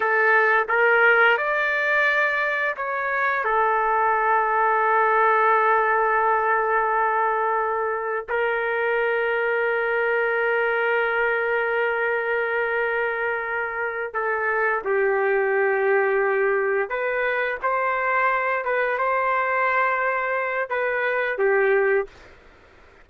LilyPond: \new Staff \with { instrumentName = "trumpet" } { \time 4/4 \tempo 4 = 87 a'4 ais'4 d''2 | cis''4 a'2.~ | a'1 | ais'1~ |
ais'1~ | ais'8 a'4 g'2~ g'8~ | g'8 b'4 c''4. b'8 c''8~ | c''2 b'4 g'4 | }